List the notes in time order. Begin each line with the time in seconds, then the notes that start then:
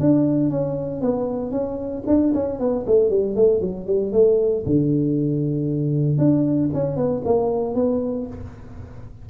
0.00 D4
0.50 C#4
1.01 B3
1.51 C#4
2.07 D4
2.34 C#4
2.59 B3
2.87 A3
3.10 G3
3.36 A3
3.61 F#3
3.87 G3
4.12 A3
4.66 D3
6.18 D4
6.74 C#4
6.96 B3
7.25 A#3
7.75 B3